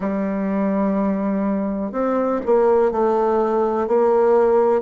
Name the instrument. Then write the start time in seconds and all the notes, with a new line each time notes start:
bassoon
0.00 G3
1.92 C4
2.45 A#3
2.91 A3
3.87 A#3